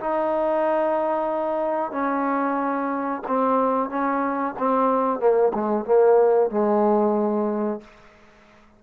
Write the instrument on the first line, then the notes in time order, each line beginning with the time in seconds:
trombone
0.00 D#4
1.92 C#4
3.28 C4
3.90 C#4
4.59 C4
5.20 A#3
5.54 G#3
5.85 A#3
6.50 G#3